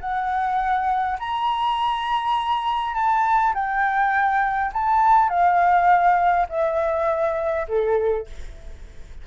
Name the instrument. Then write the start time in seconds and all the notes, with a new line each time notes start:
flute
0.00 F#5
1.19 A#5
2.94 A5
3.54 G5
4.73 A5
5.29 F5
6.49 E5
7.68 A4